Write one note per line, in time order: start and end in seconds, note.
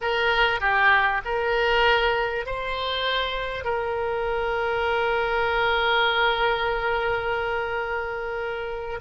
0.01 0.60 A#4
0.60 1.21 G4
1.24 2.46 A#4
2.46 3.64 C5
3.64 9.00 A#4